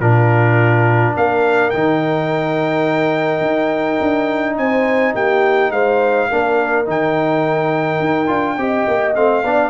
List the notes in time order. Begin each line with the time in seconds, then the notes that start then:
0.00 A#2 D4 F4 A#4
1.15 A#3 A#4 F5
1.70 D#3 D#4 G5
3.41 D#4
4.00 D4
4.57 C4 C5 G#5
5.14 A#3 G4 G5
5.70 G#3 C5 F5
6.29 A#3 D4 A#4
6.85 D#3 D#4 G5
8.00 D#4
8.27 D4 F4
8.57 C4 G4 D#5
8.87 A#3
9.15 A3 C4 F5
9.44 B3 D4 D5